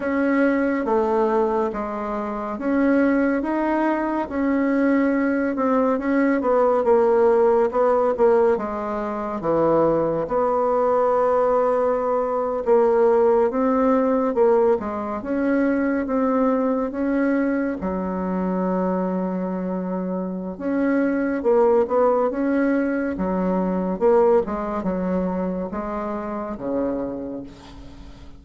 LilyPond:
\new Staff \with { instrumentName = "bassoon" } { \time 4/4 \tempo 4 = 70 cis'4 a4 gis4 cis'4 | dis'4 cis'4. c'8 cis'8 b8 | ais4 b8 ais8 gis4 e4 | b2~ b8. ais4 c'16~ |
c'8. ais8 gis8 cis'4 c'4 cis'16~ | cis'8. fis2.~ fis16 | cis'4 ais8 b8 cis'4 fis4 | ais8 gis8 fis4 gis4 cis4 | }